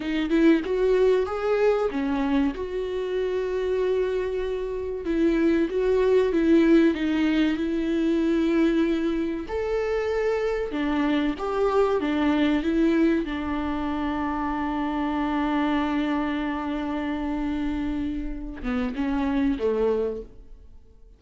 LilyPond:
\new Staff \with { instrumentName = "viola" } { \time 4/4 \tempo 4 = 95 dis'8 e'8 fis'4 gis'4 cis'4 | fis'1 | e'4 fis'4 e'4 dis'4 | e'2. a'4~ |
a'4 d'4 g'4 d'4 | e'4 d'2.~ | d'1~ | d'4. b8 cis'4 a4 | }